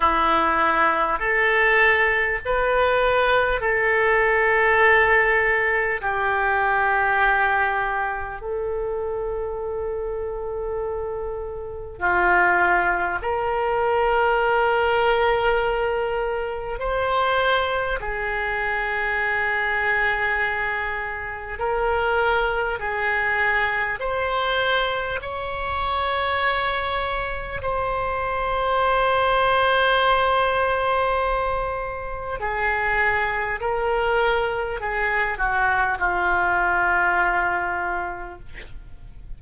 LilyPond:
\new Staff \with { instrumentName = "oboe" } { \time 4/4 \tempo 4 = 50 e'4 a'4 b'4 a'4~ | a'4 g'2 a'4~ | a'2 f'4 ais'4~ | ais'2 c''4 gis'4~ |
gis'2 ais'4 gis'4 | c''4 cis''2 c''4~ | c''2. gis'4 | ais'4 gis'8 fis'8 f'2 | }